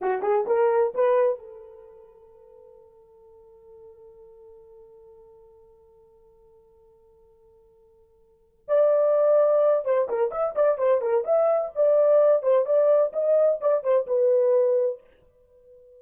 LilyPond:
\new Staff \with { instrumentName = "horn" } { \time 4/4 \tempo 4 = 128 fis'8 gis'8 ais'4 b'4 a'4~ | a'1~ | a'1~ | a'1~ |
a'2~ a'8 d''4.~ | d''4 c''8 ais'8 e''8 d''8 c''8 ais'8 | e''4 d''4. c''8 d''4 | dis''4 d''8 c''8 b'2 | }